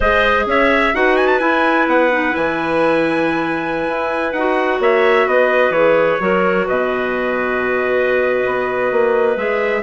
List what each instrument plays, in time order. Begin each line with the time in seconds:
0.00 bassoon G#3, clarinet G#4 C5, trumpet D#5
0.46 bassoon C#4, clarinet C#5, trumpet E5
0.93 bassoon D#4, clarinet F#4 B4, trumpet F#5
1.16 trumpet G#5
1.27 trumpet A5
1.39 clarinet E4, bassoon E4, trumpet G#5
1.87 bassoon B3, trumpet F#5
2.11 clarinet D#4
2.30 bassoon E3, clarinet E4, trumpet G#5
3.88 bassoon E4
4.32 bassoon D#4, clarinet F#4, trumpet F#5
4.79 bassoon A#3, clarinet C#5, trumpet E5
5.26 bassoon B3, clarinet B4, trumpet D#5
5.70 bassoon E3, clarinet G#4, trumpet C#5
6.19 bassoon F#3, clarinet F#4 A#4
6.66 bassoon B2, clarinet B4, trumpet D#5
8.45 bassoon B3
8.91 bassoon A#3
9.36 bassoon G#3, clarinet G#4, trumpet E5